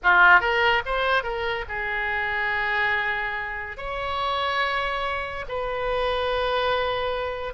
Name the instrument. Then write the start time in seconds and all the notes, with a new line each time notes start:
oboe
0.03 F4
0.40 A#4
0.85 C5
1.23 A#4
1.68 G#4
3.77 C#5
5.48 B4